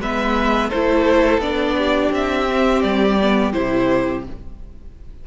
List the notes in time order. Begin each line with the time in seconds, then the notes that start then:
0.00 G#3 B3 B4 E5
0.69 A3 E4 A4 C5
1.37 B3 D4 D5
1.77 G4
2.11 C4 E5
2.47 C4
2.81 G3 D5
3.21 B3
3.52 C3 E4 C5